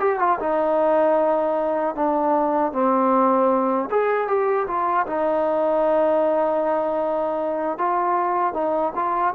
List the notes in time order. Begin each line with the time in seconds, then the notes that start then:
0.00 G4
0.19 F4
0.40 D#4
1.96 D4
2.73 C4
3.91 G#4
4.28 G4
4.68 F4
5.07 D#4
7.79 F4
8.54 D#4
8.95 F4